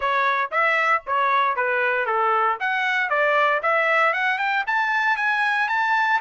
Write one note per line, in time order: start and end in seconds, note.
0.00 0.50 C#5
0.51 1.02 E5
1.06 1.55 C#5
1.55 2.06 B4
2.06 2.57 A4
2.60 3.09 F#5
3.09 3.61 D5
3.62 4.13 E5
4.13 4.38 F#5
4.38 4.64 G5
4.66 5.17 A5
5.17 5.68 G#5
5.68 6.20 A5